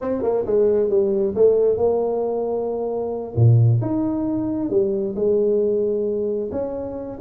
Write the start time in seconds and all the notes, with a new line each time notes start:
0.01 C4
0.22 A#3
0.46 G#3
0.89 G3
1.35 A3
1.77 A#3
3.35 A#2
3.81 D#4
4.70 G3
5.15 G#3
6.51 C#4